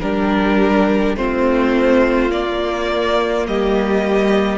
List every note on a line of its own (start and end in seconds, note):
0.00 1.15 G3
0.00 1.17 D4
0.00 1.17 G4
0.00 1.15 A#4
1.15 2.31 A3
1.15 2.30 C4
1.15 3.47 F4
1.15 2.31 C5
2.30 4.58 A#3
2.30 3.46 A#3
2.30 3.46 D5
3.46 4.58 G3
3.46 4.58 G4
3.46 4.58 D#5